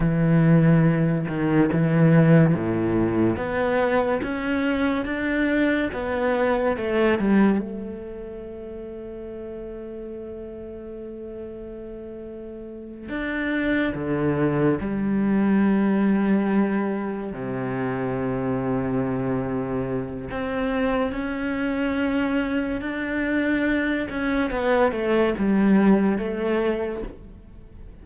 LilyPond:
\new Staff \with { instrumentName = "cello" } { \time 4/4 \tempo 4 = 71 e4. dis8 e4 a,4 | b4 cis'4 d'4 b4 | a8 g8 a2.~ | a2.~ a8 d'8~ |
d'8 d4 g2~ g8~ | g8 c2.~ c8 | c'4 cis'2 d'4~ | d'8 cis'8 b8 a8 g4 a4 | }